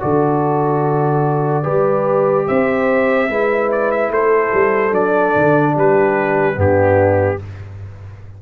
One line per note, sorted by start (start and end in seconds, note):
0.00 1.66 D3
0.00 1.63 F#4
0.00 1.63 A4
0.00 2.47 D5
1.63 2.48 G3
1.63 3.28 G4
1.63 2.45 B4
2.47 3.29 C4
2.47 3.29 C5
2.47 3.70 E5
3.28 4.10 G#3
3.28 4.91 E4
3.28 4.12 B4
3.72 3.91 D5
3.91 4.12 E5
4.10 4.51 A3
4.10 5.74 A4
4.10 4.94 C5
4.53 4.91 G3
4.91 5.33 F#3
4.91 6.54 D4
4.91 5.76 D5
5.35 5.76 D3
5.74 6.56 G3
5.74 6.56 G4
5.74 6.60 B4
6.54 7.39 G2
6.54 7.36 B3
6.54 7.40 D4
6.54 7.42 G4